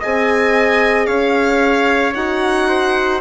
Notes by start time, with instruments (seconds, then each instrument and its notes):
0.00 bassoon C4, horn G#4, trumpet D#5, violin G#5
1.06 bassoon C#4, trumpet C#5, violin F5
2.15 bassoon D#4, horn F#4, violin F#5
2.69 trumpet C5